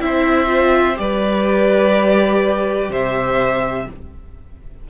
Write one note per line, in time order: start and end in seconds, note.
0.00 0.98 C4
0.00 0.47 E4
0.00 0.98 E5
0.06 1.01 C5
0.47 0.96 F4
0.96 2.90 G3
0.96 3.86 G4
0.96 2.91 B4
0.96 2.92 D5
2.90 3.87 C3
2.90 3.88 C5
2.90 3.90 E5